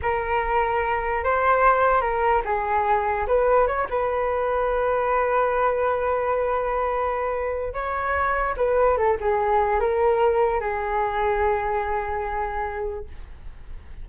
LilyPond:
\new Staff \with { instrumentName = "flute" } { \time 4/4 \tempo 4 = 147 ais'2. c''4~ | c''4 ais'4 gis'2 | b'4 cis''8 b'2~ b'8~ | b'1~ |
b'2. cis''4~ | cis''4 b'4 a'8 gis'4. | ais'2 gis'2~ | gis'1 | }